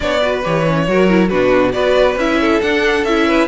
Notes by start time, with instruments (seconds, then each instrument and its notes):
0.00 cello B3, viola D4, violin C#5 D5
0.20 viola F#4, violin B4
0.43 cello E3, viola G4, violin C#5
0.66 viola C#4
0.87 cello F#3, viola F#4, violin A#4
1.08 viola E4
1.28 cello B2, viola D4, violin F#4 B4
1.72 cello B3, viola F#4, violin B4 D5
2.16 cello C#4, viola E4, violin E5
2.40 violin A4
2.61 viola D4, cello D4, violin F#5
3.04 cello C#4, viola E4, violin E5
3.27 violin B4